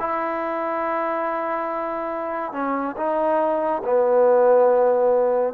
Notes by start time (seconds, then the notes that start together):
0.00 E4
2.53 C#4
2.97 D#4
3.84 B3